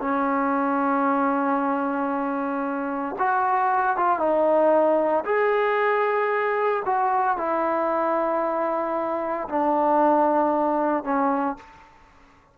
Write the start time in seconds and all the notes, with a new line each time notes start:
0.00 C#4
3.18 F#4
3.96 F4
4.19 D#4
5.25 G#4
6.85 F#4
7.37 E4
9.49 D4
11.04 C#4